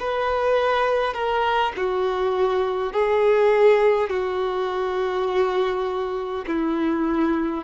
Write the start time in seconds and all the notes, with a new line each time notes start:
0.00 B4
1.14 A#4
1.77 F#4
2.93 G#4
4.10 F#4
6.47 E4